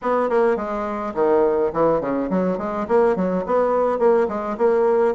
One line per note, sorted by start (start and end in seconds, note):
0.02 0.29 B3
0.29 0.56 A#3
0.56 1.13 G#3
1.14 1.71 D#3
1.73 2.00 E3
2.00 2.29 C#3
2.30 2.58 F#3
2.58 2.86 G#3
2.88 3.16 A#3
3.16 3.44 F#3
3.46 3.98 B3
3.98 4.27 A#3
4.28 4.57 G#3
4.57 5.14 A#3